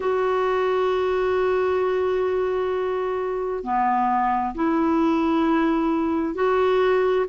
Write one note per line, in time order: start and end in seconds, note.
0.00 3.63 F#4
3.63 4.54 B3
4.55 6.34 E4
6.34 7.25 F#4